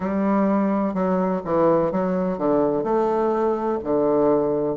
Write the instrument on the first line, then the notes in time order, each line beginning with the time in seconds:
bassoon
0.00 G3
0.94 F#3
1.44 E3
1.91 F#3
2.38 D3
2.83 A3
3.83 D3